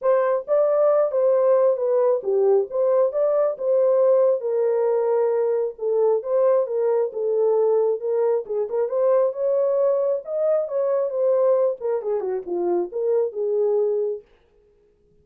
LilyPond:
\new Staff \with { instrumentName = "horn" } { \time 4/4 \tempo 4 = 135 c''4 d''4. c''4. | b'4 g'4 c''4 d''4 | c''2 ais'2~ | ais'4 a'4 c''4 ais'4 |
a'2 ais'4 gis'8 ais'8 | c''4 cis''2 dis''4 | cis''4 c''4. ais'8 gis'8 fis'8 | f'4 ais'4 gis'2 | }